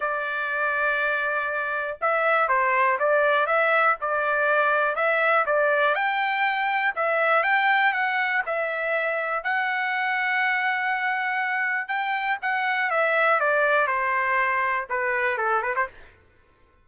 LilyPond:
\new Staff \with { instrumentName = "trumpet" } { \time 4/4 \tempo 4 = 121 d''1 | e''4 c''4 d''4 e''4 | d''2 e''4 d''4 | g''2 e''4 g''4 |
fis''4 e''2 fis''4~ | fis''1 | g''4 fis''4 e''4 d''4 | c''2 b'4 a'8 b'16 c''16 | }